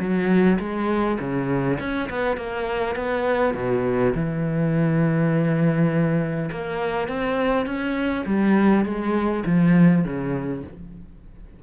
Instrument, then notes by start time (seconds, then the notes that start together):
cello
0.00 F#3
0.59 G#3
1.20 C#3
1.80 C#4
2.10 B3
2.37 A#3
2.96 B3
3.55 B2
4.15 E3
6.51 A#3
7.08 C4
7.66 C#4
8.26 G3
8.85 G#3
9.46 F3
10.05 C#3